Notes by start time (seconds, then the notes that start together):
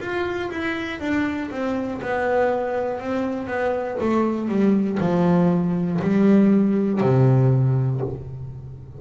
0.00 F4
0.51 E4
1.00 D4
1.50 C4
2.02 B3
3.00 C4
3.47 B3
4.00 A3
4.49 G3
5.00 F3
6.01 G3
7.01 C3